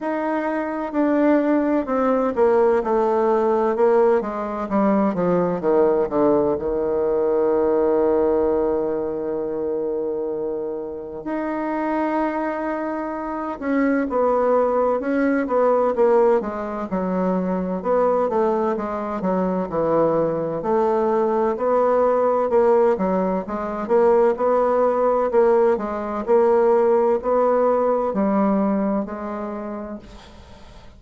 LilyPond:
\new Staff \with { instrumentName = "bassoon" } { \time 4/4 \tempo 4 = 64 dis'4 d'4 c'8 ais8 a4 | ais8 gis8 g8 f8 dis8 d8 dis4~ | dis1 | dis'2~ dis'8 cis'8 b4 |
cis'8 b8 ais8 gis8 fis4 b8 a8 | gis8 fis8 e4 a4 b4 | ais8 fis8 gis8 ais8 b4 ais8 gis8 | ais4 b4 g4 gis4 | }